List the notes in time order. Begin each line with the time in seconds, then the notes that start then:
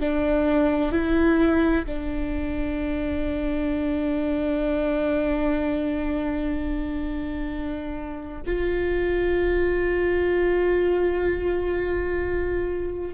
0.00 D4
0.92 E4
1.86 D4
8.46 F4